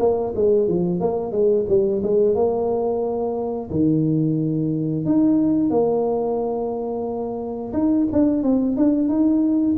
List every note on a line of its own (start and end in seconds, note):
0.00 0.34 A#3
0.36 0.68 G#3
0.68 1.01 F3
1.01 1.32 A#3
1.32 1.66 G#3
1.69 2.03 G3
2.03 2.35 G#3
2.35 3.70 A#3
3.71 5.06 D#3
5.06 5.71 D#4
5.71 7.73 A#3
7.73 8.07 D#4
8.13 8.44 D4
8.44 8.77 C4
8.77 9.09 D4
9.09 9.77 D#4